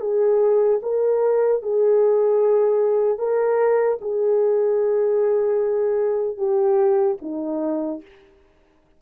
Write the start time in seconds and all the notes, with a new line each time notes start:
0.00 G#4
0.82 A#4
1.62 G#4
3.18 A#4
4.01 G#4
6.37 G4
7.21 D#4